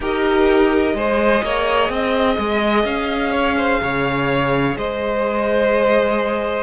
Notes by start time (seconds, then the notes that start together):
0.00 D#4 G4 A#4 D#5
0.93 G#3 G#4 C5
1.42 A#3 C#5
1.89 C4 D#5
2.38 G#3
2.84 C#4 F5
3.31 C#5
3.57 C5
3.81 C#3 C#5
4.76 G#3 C5 D#5